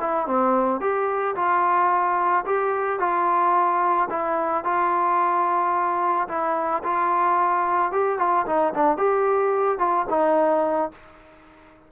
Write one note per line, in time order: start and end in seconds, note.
0.00 0.27 E4
0.27 0.80 C4
0.80 1.35 G4
1.35 2.44 F4
2.46 2.99 G4
2.99 4.08 F4
4.10 4.64 E4
4.64 6.28 F4
6.28 6.82 E4
6.83 7.92 F4
7.92 8.18 G4
8.18 8.46 F4
8.46 8.73 D#4
8.73 8.97 D4
8.97 9.79 G4
9.79 10.06 F4
10.09 10.91 D#4